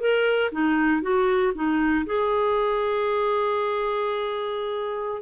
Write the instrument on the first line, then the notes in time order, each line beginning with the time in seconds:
clarinet
0.00 A#4
0.51 D#4
1.02 F#4
1.55 D#4
2.06 G#4